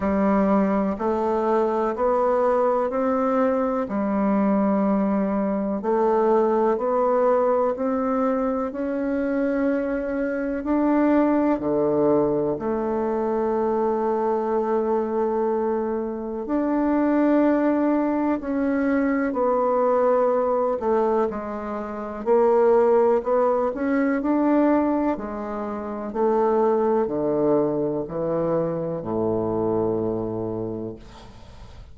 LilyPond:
\new Staff \with { instrumentName = "bassoon" } { \time 4/4 \tempo 4 = 62 g4 a4 b4 c'4 | g2 a4 b4 | c'4 cis'2 d'4 | d4 a2.~ |
a4 d'2 cis'4 | b4. a8 gis4 ais4 | b8 cis'8 d'4 gis4 a4 | d4 e4 a,2 | }